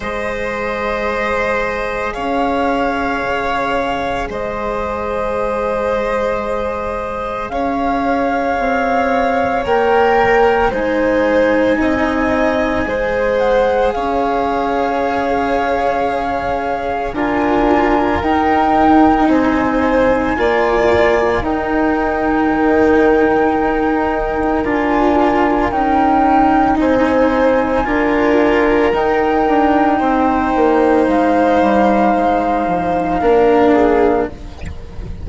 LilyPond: <<
  \new Staff \with { instrumentName = "flute" } { \time 4/4 \tempo 4 = 56 dis''2 f''2 | dis''2. f''4~ | f''4 g''4 gis''2~ | gis''8 fis''8 f''2. |
gis''4 g''4 gis''2 | g''2. gis''4 | g''4 gis''2 g''4~ | g''4 f''2. | }
  \new Staff \with { instrumentName = "violin" } { \time 4/4 c''2 cis''2 | c''2. cis''4~ | cis''2 c''4 dis''4 | c''4 cis''2. |
ais'2 c''4 d''4 | ais'1~ | ais'4 c''4 ais'2 | c''2. ais'8 gis'8 | }
  \new Staff \with { instrumentName = "cello" } { \time 4/4 gis'1~ | gis'1~ | gis'4 ais'4 dis'2 | gis'1 |
f'4 dis'2 f'4 | dis'2. f'4 | dis'2 f'4 dis'4~ | dis'2. d'4 | }
  \new Staff \with { instrumentName = "bassoon" } { \time 4/4 gis2 cis'4 cis4 | gis2. cis'4 | c'4 ais4 gis4 c'4 | gis4 cis'2. |
d'4 dis'4 c'4 ais4 | dis'4 dis4 dis'4 d'4 | cis'4 c'4 d'4 dis'8 d'8 | c'8 ais8 gis8 g8 gis8 f8 ais4 | }
>>